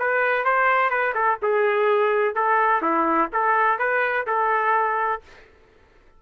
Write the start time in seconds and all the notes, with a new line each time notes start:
0.00 B4
0.45 C5
0.91 B4
1.15 A4
1.43 G#4
2.35 A4
2.82 E4
3.33 A4
3.79 B4
4.27 A4